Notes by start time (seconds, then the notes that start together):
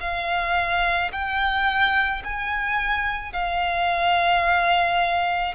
0.00 F5
1.12 G5
2.24 G#5
3.33 F5